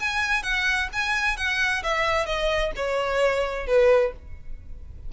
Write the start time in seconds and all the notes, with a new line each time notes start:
0.00 G#5
0.43 F#5
0.93 G#5
1.37 F#5
1.83 E5
2.26 D#5
2.76 C#5
3.67 B4